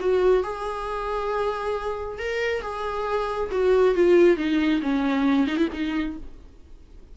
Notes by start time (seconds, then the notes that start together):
0.00 F#4
0.43 G#4
2.19 A#4
2.62 G#4
3.51 F#4
3.95 F4
4.37 D#4
4.82 C#4
5.47 D#4
5.57 E4
5.73 D#4